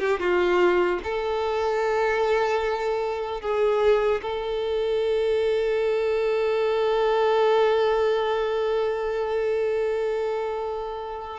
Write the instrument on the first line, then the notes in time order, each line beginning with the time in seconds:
violin
0.00 G4
0.20 F4
1.04 A4
3.41 G#4
4.23 A4